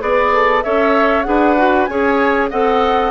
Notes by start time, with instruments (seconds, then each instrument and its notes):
0.00 bassoon B3, clarinet G#4, flute B4, oboe D5
0.35 flute A4
0.63 bassoon C#4, clarinet A4, oboe C#5, flute E5
1.23 bassoon D4, clarinet G#4, oboe B4, flute F#5
1.57 clarinet F#4
1.86 bassoon C#4, clarinet G#4, oboe C#5, flute G#5
2.50 bassoon C4, clarinet A4, oboe D#5, flute F#5